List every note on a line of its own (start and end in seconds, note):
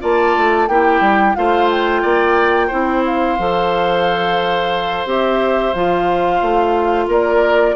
0.00 0.36 A#3
0.00 0.67 F4
0.00 0.68 D5
0.00 0.68 A5
0.37 0.68 A3
0.68 1.00 A#3
0.68 1.35 E4
0.68 1.37 G4
0.68 1.35 G5
1.00 1.34 G3
1.35 2.04 A3
1.35 2.70 F4
1.35 2.02 C5
1.35 1.69 F5
1.70 3.05 G5
2.02 2.71 A#3
2.02 2.67 D5
2.67 3.38 C4
2.67 3.38 E4
2.67 7.05 C5
3.05 5.08 F5
3.38 5.05 F3
3.38 5.06 A4
5.05 5.72 C4
5.05 5.74 G4
5.05 5.73 E5
5.73 6.41 F3
5.73 7.75 F4
5.73 7.08 F5
6.41 7.07 A3
7.07 7.75 A#3
7.07 7.75 A#4
7.07 7.75 D5